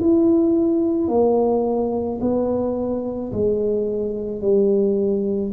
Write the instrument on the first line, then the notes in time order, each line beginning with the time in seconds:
tuba
0.00 E4
1.08 A#3
2.21 B3
3.32 G#3
4.41 G3